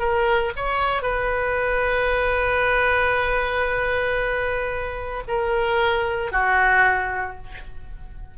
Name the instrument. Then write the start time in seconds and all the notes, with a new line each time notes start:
oboe
0.00 A#4
0.57 C#5
1.02 B4
5.28 A#4
6.33 F#4